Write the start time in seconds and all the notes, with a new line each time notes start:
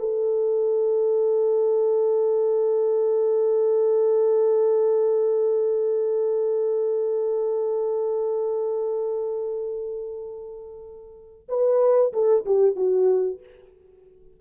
0.00 A4
11.49 B4
12.14 A4
12.46 G4
12.76 F#4